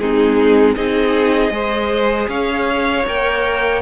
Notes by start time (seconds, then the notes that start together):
0.00 G#3 C4 D#4 G#4
0.76 C4 D#4 G#4 D#5
1.51 G#3 G#4 C5
2.29 C#4 C#5 F5
3.06 A#3 A#4 G5